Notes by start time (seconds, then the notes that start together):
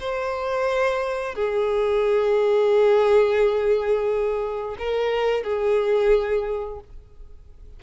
0.00 C5
1.35 G#4
4.79 A#4
5.44 G#4